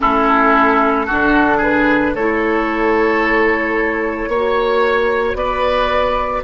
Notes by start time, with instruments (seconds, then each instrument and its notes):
0.00 bassoon A3, clarinet C#4, oboe E4, flute A4
1.06 bassoon D3, clarinet D4, oboe F#4
1.57 oboe G#4, flute B4
2.14 bassoon A3, clarinet E4, oboe A4, flute C#5
4.27 bassoon A#3, clarinet F#4, oboe C#5
5.34 bassoon B3, oboe B4, flute D5